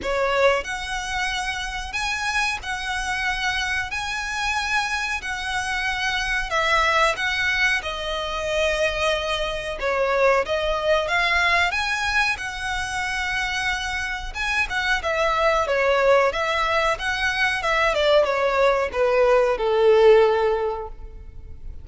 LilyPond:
\new Staff \with { instrumentName = "violin" } { \time 4/4 \tempo 4 = 92 cis''4 fis''2 gis''4 | fis''2 gis''2 | fis''2 e''4 fis''4 | dis''2. cis''4 |
dis''4 f''4 gis''4 fis''4~ | fis''2 gis''8 fis''8 e''4 | cis''4 e''4 fis''4 e''8 d''8 | cis''4 b'4 a'2 | }